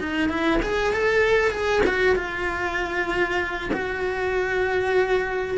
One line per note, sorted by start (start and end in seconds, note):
0.00 0.29 D#4
0.29 0.60 E4
0.62 0.93 G#4
0.93 1.51 A4
1.51 1.82 G#4
1.87 2.15 F#4
2.15 3.70 F4
3.73 5.58 F#4